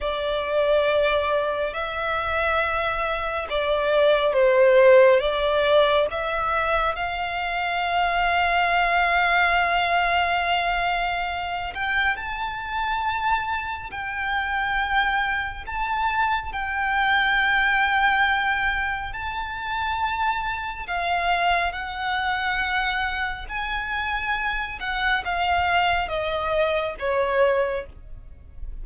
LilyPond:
\new Staff \with { instrumentName = "violin" } { \time 4/4 \tempo 4 = 69 d''2 e''2 | d''4 c''4 d''4 e''4 | f''1~ | f''4. g''8 a''2 |
g''2 a''4 g''4~ | g''2 a''2 | f''4 fis''2 gis''4~ | gis''8 fis''8 f''4 dis''4 cis''4 | }